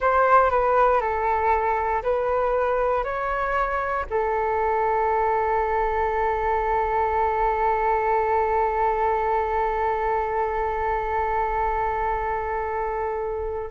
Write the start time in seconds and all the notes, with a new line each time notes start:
0.00 C5
0.50 B4
1.00 A4
2.02 B4
3.04 C#5
4.10 A4